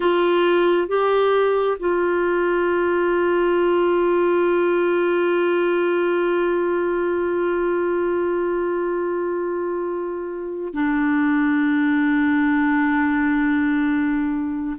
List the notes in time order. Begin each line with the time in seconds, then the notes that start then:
0.00 F4
0.88 G4
1.79 F4
10.73 D4